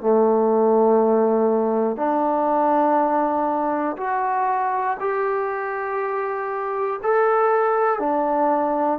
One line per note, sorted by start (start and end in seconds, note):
0.00 1.97 A3
1.97 3.97 D4
3.97 4.97 F#4
5.00 7.00 G4
7.03 7.99 A4
7.99 8.99 D4